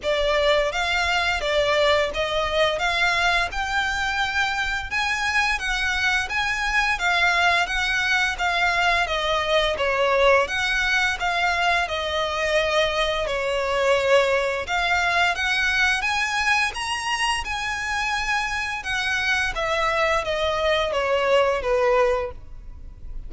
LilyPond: \new Staff \with { instrumentName = "violin" } { \time 4/4 \tempo 4 = 86 d''4 f''4 d''4 dis''4 | f''4 g''2 gis''4 | fis''4 gis''4 f''4 fis''4 | f''4 dis''4 cis''4 fis''4 |
f''4 dis''2 cis''4~ | cis''4 f''4 fis''4 gis''4 | ais''4 gis''2 fis''4 | e''4 dis''4 cis''4 b'4 | }